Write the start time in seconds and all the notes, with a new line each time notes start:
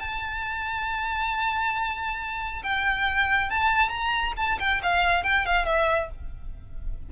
0.00 A5
2.64 G5
3.51 A5
3.90 A#5
4.37 A5
4.60 G5
4.83 F5
5.24 G5
5.46 F5
5.66 E5